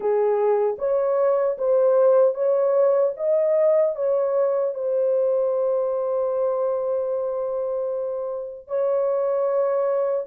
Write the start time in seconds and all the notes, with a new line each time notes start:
0.00 G#4
0.78 C#5
1.58 C5
2.34 C#5
3.16 D#5
3.95 C#5
4.74 C5
8.67 C#5